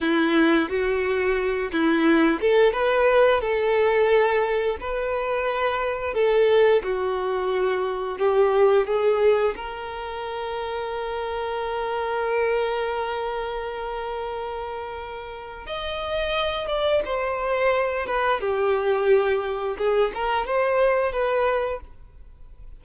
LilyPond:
\new Staff \with { instrumentName = "violin" } { \time 4/4 \tempo 4 = 88 e'4 fis'4. e'4 a'8 | b'4 a'2 b'4~ | b'4 a'4 fis'2 | g'4 gis'4 ais'2~ |
ais'1~ | ais'2. dis''4~ | dis''8 d''8 c''4. b'8 g'4~ | g'4 gis'8 ais'8 c''4 b'4 | }